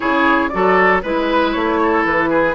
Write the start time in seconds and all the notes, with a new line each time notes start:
0.00 C#3 E4 G#4 C#5
0.49 F#3 F#4 A4 D5
1.02 G#3 E4 B4
1.52 A3 C#5
1.82 A4
2.04 E3 B4
2.29 G#4